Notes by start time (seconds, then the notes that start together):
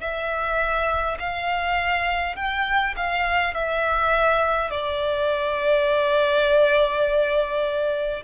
0.00 E5
1.19 F5
2.35 G5
2.96 F5
3.54 E5
4.71 D5